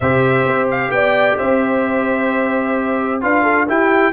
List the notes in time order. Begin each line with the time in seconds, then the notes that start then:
0.00 C3 G4 C5 E5
0.46 C4
0.70 F5
0.90 B3 D5 G5
1.37 C4 C5 E5
3.21 D4 F4 B4 F5
3.43 A4
3.67 E4 G4 G5